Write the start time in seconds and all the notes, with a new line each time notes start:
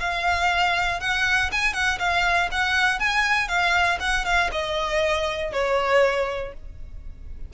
0.00 F5
1.00 F#5
1.52 G#5
1.74 F#5
1.99 F5
2.52 F#5
3.00 G#5
3.49 F5
4.00 F#5
4.25 F5
4.52 D#5
5.53 C#5